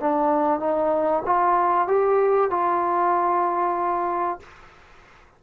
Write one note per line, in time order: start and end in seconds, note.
0.00 0.59 D4
0.59 1.23 D#4
1.25 1.87 F4
1.87 2.50 G4
2.50 4.40 F4